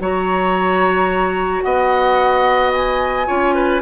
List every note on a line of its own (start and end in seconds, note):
0.00 1.64 F#3
0.00 3.27 F#4
0.00 1.64 C#5
0.00 1.62 A#5
1.62 3.28 B3
1.62 3.27 D#5
1.62 2.71 F#5
2.73 3.82 G#5
3.27 3.82 C#4
3.27 3.82 F4
3.27 3.55 C#5
3.55 3.82 B4